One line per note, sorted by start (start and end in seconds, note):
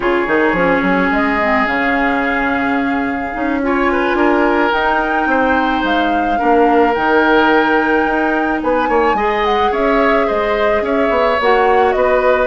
0.00 0.26 C#3
0.00 0.27 F4
0.00 3.58 G#4
0.00 1.11 C#5
0.27 0.53 D#3
0.27 0.55 D#4
0.53 0.80 F3
0.53 1.40 C#4
0.82 1.09 F#3
1.11 1.66 G#3
1.11 1.67 D#5
1.41 1.66 C4
1.66 3.33 C#3
1.66 3.32 C#4
1.66 3.61 F5
3.32 4.14 C#4
3.32 3.60 D#4
3.62 4.71 F4
3.62 3.92 C#5
3.62 4.72 G#5
3.92 4.16 B4
4.14 4.70 D4
4.14 5.28 A#4
4.71 6.37 D#4
4.71 5.26 D#4
4.71 5.83 G5
5.26 5.81 C4
5.26 6.38 C5
5.83 6.38 G#3
5.83 6.94 F5
6.37 6.96 A#3
6.37 6.93 D4
6.37 8.61 A#4
6.94 8.05 D#3
6.94 9.16 D#4
6.94 8.60 G5
8.05 8.61 D#4
8.61 8.89 B3
8.61 8.88 B4
8.61 9.45 G#5
8.88 9.13 A#3
8.88 9.16 C#5
9.13 9.69 G#3
9.13 11.38 G#4
9.13 9.71 D#5
9.45 9.72 F#5
9.71 10.28 C#4
9.71 10.26 C#5
9.71 10.28 E5
10.26 10.81 G#3
10.26 10.82 C5
10.26 10.84 D#5
10.81 11.09 C#4
10.81 11.95 C#5
10.81 11.40 E5
11.09 11.37 B3
11.40 11.94 A#3
11.40 12.46 F#4
11.40 11.92 F#5
11.92 12.46 B3
11.92 12.46 B4
11.92 12.46 D#5